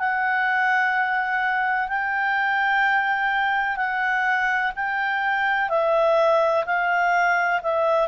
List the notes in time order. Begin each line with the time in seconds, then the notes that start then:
0.00 F#5
1.89 G5
3.77 F#5
4.76 G5
5.70 E5
6.66 F5
7.63 E5